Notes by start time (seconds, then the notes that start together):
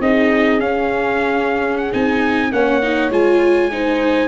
0.00 C4 D#4 G#4 D#5
0.60 C#4 F5
1.78 F#5
1.93 C4 D#4 G#5
2.52 A#3 C#4 C#5 F#5
2.83 D#4
3.10 G#3 F4 G#5
3.72 D#4 C5